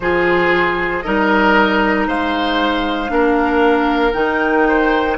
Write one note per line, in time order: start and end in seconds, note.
0.00 1.03 F3
0.00 1.04 F4
0.00 1.04 G#4
0.00 1.01 C5
1.01 2.07 G3
1.01 3.08 D#4
1.01 2.07 A#4
1.01 2.05 D#5
2.07 3.10 G#3
2.07 3.11 C5
2.07 4.13 F5
3.08 4.13 A#3
3.08 4.12 D4
3.08 4.68 A#4
4.13 5.17 D#3
4.13 5.17 D#4
4.13 5.16 G5
4.68 5.17 C5